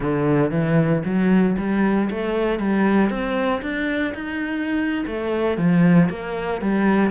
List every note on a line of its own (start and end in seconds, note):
0.00 0.51 D3
0.51 1.02 E3
1.04 1.56 F#3
1.58 2.09 G3
2.10 2.59 A3
2.59 3.10 G3
3.10 3.61 C4
3.61 4.13 D4
4.14 5.04 D#4
5.07 5.57 A3
5.57 6.09 F3
6.09 6.61 A#3
6.61 7.10 G3